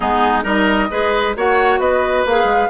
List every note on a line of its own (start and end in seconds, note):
0.00 0.44 G#3
0.00 0.42 B3
0.00 0.43 D#4
0.00 0.44 G#4
0.42 0.89 G3
0.42 0.87 D#4
0.42 0.88 A#4
0.42 1.35 D#5
0.90 1.36 G#3
0.90 1.35 G#4
0.90 1.35 B4
1.36 1.78 A#3
1.36 2.26 F#4
1.36 1.80 C#5
1.36 1.80 F#5
1.78 2.23 B3
1.78 2.69 B4
1.78 2.25 D#5
2.25 2.44 A#3
2.25 2.69 G#4
2.25 2.69 F5
2.44 2.66 G#3